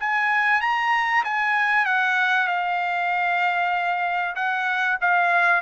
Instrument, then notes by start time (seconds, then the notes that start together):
trumpet
0.00 G#5
0.61 A#5
1.24 G#5
1.86 F#5
2.47 F5
4.36 F#5
5.01 F5